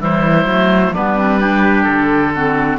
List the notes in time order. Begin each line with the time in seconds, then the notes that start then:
0.00 E3 G3 E4 C5
0.46 F#3 A3
0.94 G3 B3 D4 B4
1.17 C4
1.40 D4 G4
1.84 D3 A4
2.35 C4 F#4